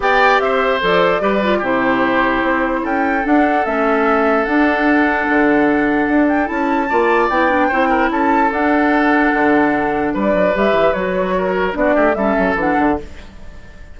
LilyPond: <<
  \new Staff \with { instrumentName = "flute" } { \time 4/4 \tempo 4 = 148 g''4 e''4 d''2 | c''2. g''4 | fis''4 e''2 fis''4~ | fis''2.~ fis''8 g''8 |
a''2 g''2 | a''4 fis''2.~ | fis''4 d''4 e''4 cis''4~ | cis''4 d''4 e''4 fis''4 | }
  \new Staff \with { instrumentName = "oboe" } { \time 4/4 d''4 c''2 b'4 | g'2. a'4~ | a'1~ | a'1~ |
a'4 d''2 c''8 ais'8 | a'1~ | a'4 b'2. | ais'4 fis'8 g'8 a'2 | }
  \new Staff \with { instrumentName = "clarinet" } { \time 4/4 g'2 a'4 g'8 f'8 | e'1 | d'4 cis'2 d'4~ | d'1 |
e'4 f'4 e'8 d'8 e'4~ | e'4 d'2.~ | d'2 g'4 fis'4~ | fis'4 d'4 cis'4 d'4 | }
  \new Staff \with { instrumentName = "bassoon" } { \time 4/4 b4 c'4 f4 g4 | c2 c'4 cis'4 | d'4 a2 d'4~ | d'4 d2 d'4 |
cis'4 ais4 b4 c'4 | cis'4 d'2 d4~ | d4 g8 fis8 g8 e8 fis4~ | fis4 b8 a8 g8 fis8 e8 d8 | }
>>